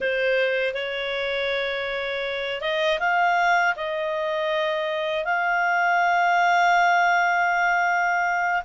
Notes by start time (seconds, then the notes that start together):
0.00 C5
0.74 C#5
2.61 D#5
2.99 F5
3.76 D#5
5.24 F5